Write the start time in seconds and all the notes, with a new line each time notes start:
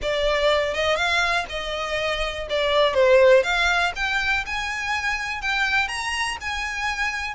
0.01 D5
0.74 D#5
0.96 F5
1.49 D#5
2.49 D5
2.94 C5
3.43 F5
3.95 G5
4.46 G#5
5.41 G5
5.88 A#5
6.40 G#5